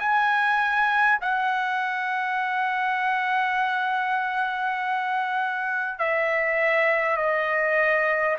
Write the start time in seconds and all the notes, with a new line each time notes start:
0.00 G#5
1.22 F#5
5.99 E5
7.17 D#5